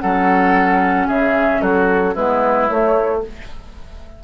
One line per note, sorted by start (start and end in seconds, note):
0.00 1.09 F#3
0.00 2.16 C#4
0.00 1.07 A4
0.00 1.08 F#5
1.07 1.61 C#3
1.07 1.61 G#4
1.07 1.62 E5
1.61 2.16 F#3
1.61 2.15 F#4
1.61 2.16 A4
2.15 2.70 G#3
2.15 2.68 B3
2.15 3.23 E4
2.15 2.68 B4
2.68 3.22 A3
2.68 3.24 A3
2.68 3.23 C#5